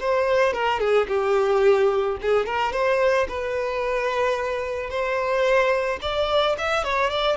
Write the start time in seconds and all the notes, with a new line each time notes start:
0.00 C5
0.54 A#4
0.80 G#4
1.08 G4
2.22 G#4
2.46 A#4
2.73 C5
3.29 B4
4.90 C5
6.01 D5
6.58 E5
6.84 C#5
7.10 D5